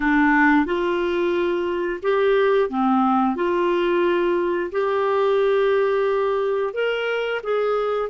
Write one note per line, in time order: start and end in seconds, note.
0.00 0.65 D4
0.65 2.00 F4
2.02 2.69 G4
2.69 3.35 C4
3.35 4.70 F4
4.71 6.73 G4
6.73 7.41 A#4
7.43 8.09 G#4